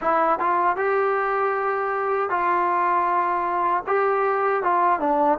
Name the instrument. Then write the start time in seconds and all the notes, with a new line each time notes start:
trombone
0.01 E4
0.39 F4
0.76 G4
2.29 F4
3.86 G4
4.63 F4
4.99 D4